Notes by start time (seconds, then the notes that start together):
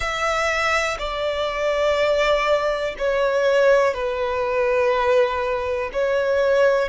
0.00 E5
0.98 D5
2.98 C#5
3.93 B4
5.92 C#5